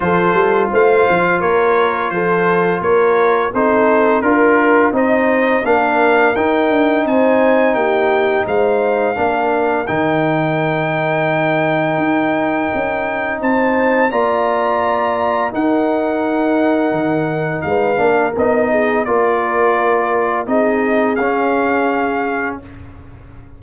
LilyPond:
<<
  \new Staff \with { instrumentName = "trumpet" } { \time 4/4 \tempo 4 = 85 c''4 f''4 cis''4 c''4 | cis''4 c''4 ais'4 dis''4 | f''4 g''4 gis''4 g''4 | f''2 g''2~ |
g''2. a''4 | ais''2 fis''2~ | fis''4 f''4 dis''4 d''4~ | d''4 dis''4 f''2 | }
  \new Staff \with { instrumentName = "horn" } { \time 4/4 a'4 c''4 ais'4 a'4 | ais'4 a'4 ais'4 c''4 | ais'2 c''4 g'4 | c''4 ais'2.~ |
ais'2. c''4 | d''2 ais'2~ | ais'4 b'8 ais'4 gis'8 ais'4~ | ais'4 gis'2. | }
  \new Staff \with { instrumentName = "trombone" } { \time 4/4 f'1~ | f'4 dis'4 f'4 dis'4 | d'4 dis'2.~ | dis'4 d'4 dis'2~ |
dis'1 | f'2 dis'2~ | dis'4. d'8 dis'4 f'4~ | f'4 dis'4 cis'2 | }
  \new Staff \with { instrumentName = "tuba" } { \time 4/4 f8 g8 a8 f8 ais4 f4 | ais4 c'4 d'4 c'4 | ais4 dis'8 d'8 c'4 ais4 | gis4 ais4 dis2~ |
dis4 dis'4 cis'4 c'4 | ais2 dis'2 | dis4 gis8 ais8 b4 ais4~ | ais4 c'4 cis'2 | }
>>